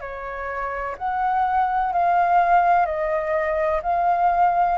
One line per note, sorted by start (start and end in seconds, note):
0.00 0.95 C#5
0.97 1.92 F#5
1.92 2.86 F5
2.86 3.81 D#5
3.82 4.77 F5